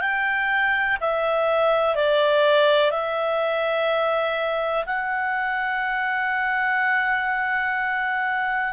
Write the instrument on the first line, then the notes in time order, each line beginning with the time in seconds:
clarinet
0.00 G5
1.00 E5
1.95 D5
2.91 E5
4.86 F#5